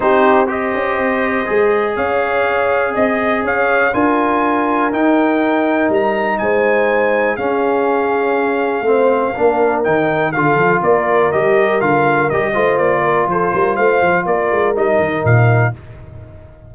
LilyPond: <<
  \new Staff \with { instrumentName = "trumpet" } { \time 4/4 \tempo 4 = 122 c''4 dis''2. | f''2 dis''4 f''4 | gis''2 g''2 | ais''4 gis''2 f''4~ |
f''1 | g''4 f''4 d''4 dis''4 | f''4 dis''4 d''4 c''4 | f''4 d''4 dis''4 f''4 | }
  \new Staff \with { instrumentName = "horn" } { \time 4/4 g'4 c''2. | cis''2 dis''4 cis''4 | ais'1~ | ais'4 c''2 gis'4~ |
gis'2 c''4 ais'4~ | ais'4 a'4 ais'2~ | ais'4. c''4 ais'8 a'8 ais'8 | c''4 ais'2. | }
  \new Staff \with { instrumentName = "trombone" } { \time 4/4 dis'4 g'2 gis'4~ | gis'1 | f'2 dis'2~ | dis'2. cis'4~ |
cis'2 c'4 d'4 | dis'4 f'2 g'4 | f'4 g'8 f'2~ f'8~ | f'2 dis'2 | }
  \new Staff \with { instrumentName = "tuba" } { \time 4/4 c'4. cis'8 c'4 gis4 | cis'2 c'4 cis'4 | d'2 dis'2 | g4 gis2 cis'4~ |
cis'2 a4 ais4 | dis4 d8 f8 ais4 g4 | d4 g8 a8 ais4 f8 g8 | a8 f8 ais8 gis8 g8 dis8 ais,4 | }
>>